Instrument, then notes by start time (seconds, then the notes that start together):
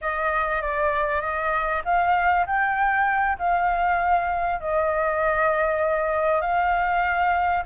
flute
0.01 D#5
0.61 D5
1.21 D#5
1.84 F5
2.46 G5
3.38 F5
4.60 D#5
6.41 F5